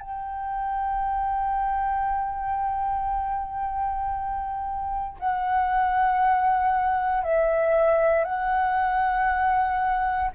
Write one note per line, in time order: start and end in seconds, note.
0.00 5.17 G5
5.19 7.23 F#5
7.23 8.24 E5
8.24 10.31 F#5